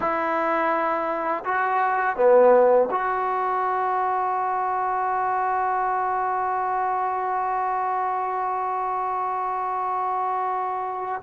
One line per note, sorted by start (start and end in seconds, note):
0.00 1.44 E4
1.45 2.16 F#4
2.16 2.88 B3
2.90 11.22 F#4